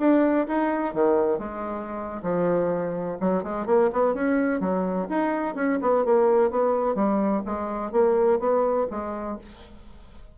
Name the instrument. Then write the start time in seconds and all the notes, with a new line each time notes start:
bassoon
0.00 D4
0.48 D#4
0.94 D#3
1.39 G#3
2.23 F3
3.21 F#3
3.44 G#3
3.67 A#3
3.93 B3
4.15 C#4
4.61 F#3
5.10 D#4
5.56 C#4
5.82 B3
6.05 A#3
6.51 B3
6.95 G3
7.46 G#3
7.92 A#3
8.40 B3
8.91 G#3